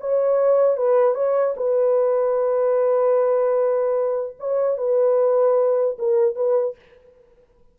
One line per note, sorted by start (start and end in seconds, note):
0.00 0.77 C#5
0.77 1.14 B4
1.14 1.54 C#5
1.56 4.36 B4
4.39 4.77 C#5
4.77 5.97 B4
5.98 6.35 A#4
6.35 6.75 B4